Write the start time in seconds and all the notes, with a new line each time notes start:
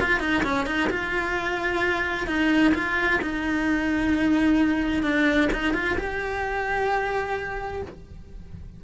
0.00 F4
0.20 D#4
0.43 C#4
0.66 D#4
0.90 F4
2.27 D#4
2.74 F4
3.22 D#4
5.03 D4
5.53 D#4
5.74 F4
5.97 G4